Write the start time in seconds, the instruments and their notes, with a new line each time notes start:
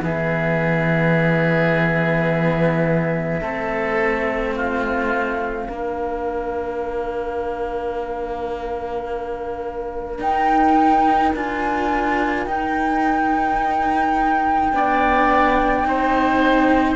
0.00 cello E3 B3, oboe G#4, flute E5
3.41 cello A3 C4, oboe A4
4.53 oboe F4, flute F5
5.68 cello A#3 D4, oboe A#4
10.19 cello D#4, flute G5
11.34 cello D4 F4, flute G#5
12.45 cello D#4, flute G5
14.72 cello B3 D4, oboe D5
15.83 cello C4 D#4, oboe C5